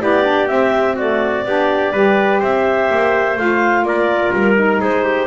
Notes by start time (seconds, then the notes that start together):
0.00 B3 E4 G4 D5
0.23 D4
0.47 C4 E5
0.95 A3 F#4 D5
1.45 B3 D4 G4
1.92 G3 G4 B4
2.40 C4 C5 E5
2.90 A#3
3.36 A3 F4 F5
3.82 A#3 A#4 D5
4.33 G3 A#4
4.54 D#4
4.80 G#3 G#4 C5
5.03 G4